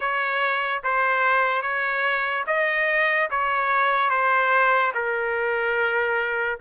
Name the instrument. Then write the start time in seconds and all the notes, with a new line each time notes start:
trumpet
0.00 C#5
0.83 C5
1.62 C#5
2.47 D#5
3.30 C#5
4.09 C5
4.94 A#4